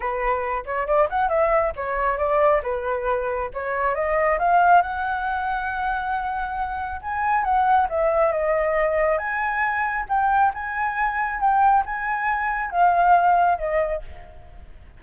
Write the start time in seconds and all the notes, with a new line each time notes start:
0.00 B4
0.65 C#5
0.86 D5
1.09 F#5
1.28 E5
1.75 C#5
2.17 D5
2.63 B4
3.53 C#5
3.94 D#5
4.38 F5
4.82 F#5
7.01 G#5
7.44 F#5
7.89 E5
8.32 D#5
9.18 G#5
10.08 G5
10.54 G#5
11.40 G5
11.85 G#5
12.70 F5
13.58 D#5